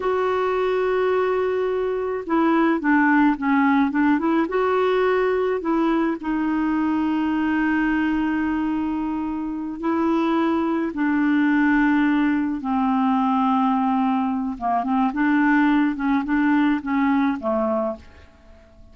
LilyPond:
\new Staff \with { instrumentName = "clarinet" } { \time 4/4 \tempo 4 = 107 fis'1 | e'4 d'4 cis'4 d'8 e'8 | fis'2 e'4 dis'4~ | dis'1~ |
dis'4. e'2 d'8~ | d'2~ d'8 c'4.~ | c'2 ais8 c'8 d'4~ | d'8 cis'8 d'4 cis'4 a4 | }